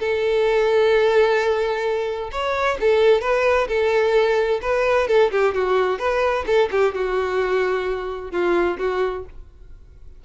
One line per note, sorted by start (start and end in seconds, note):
0.00 2.31 A4
2.32 2.78 C#5
2.81 3.22 A4
3.22 3.68 B4
3.69 4.61 A4
4.62 5.08 B4
5.08 5.31 A4
5.32 5.55 G4
5.55 5.99 F#4
5.99 6.45 B4
6.47 6.70 A4
6.72 6.95 G4
6.95 8.32 F#4
8.32 8.78 F4
8.79 9.25 F#4